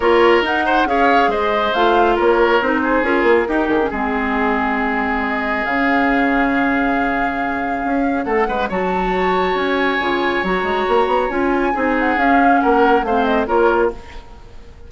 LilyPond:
<<
  \new Staff \with { instrumentName = "flute" } { \time 4/4 \tempo 4 = 138 cis''4 fis''4 f''4 dis''4 | f''4 cis''4 c''4 ais'4~ | ais'8 gis'2.~ gis'8 | dis''4 f''2.~ |
f''2. fis''4 | a''2 gis''2 | ais''2 gis''4. fis''8 | f''4 fis''4 f''8 dis''8 cis''4 | }
  \new Staff \with { instrumentName = "oboe" } { \time 4/4 ais'4. c''8 cis''4 c''4~ | c''4 ais'4. gis'4. | g'4 gis'2.~ | gis'1~ |
gis'2. a'8 b'8 | cis''1~ | cis''2. gis'4~ | gis'4 ais'4 c''4 ais'4 | }
  \new Staff \with { instrumentName = "clarinet" } { \time 4/4 f'4 dis'4 gis'2 | f'2 dis'4 f'4 | dis'8. cis'16 c'2.~ | c'4 cis'2.~ |
cis'1 | fis'2. f'4 | fis'2 f'4 dis'4 | cis'2 c'4 f'4 | }
  \new Staff \with { instrumentName = "bassoon" } { \time 4/4 ais4 dis'4 cis'4 gis4 | a4 ais4 c'4 cis'8 ais8 | dis'8 dis8 gis2.~ | gis4 cis2.~ |
cis2 cis'4 a8 gis8 | fis2 cis'4 cis4 | fis8 gis8 ais8 b8 cis'4 c'4 | cis'4 ais4 a4 ais4 | }
>>